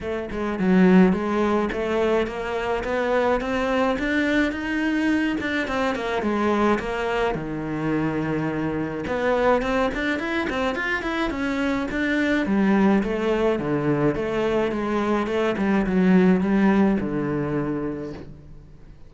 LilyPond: \new Staff \with { instrumentName = "cello" } { \time 4/4 \tempo 4 = 106 a8 gis8 fis4 gis4 a4 | ais4 b4 c'4 d'4 | dis'4. d'8 c'8 ais8 gis4 | ais4 dis2. |
b4 c'8 d'8 e'8 c'8 f'8 e'8 | cis'4 d'4 g4 a4 | d4 a4 gis4 a8 g8 | fis4 g4 d2 | }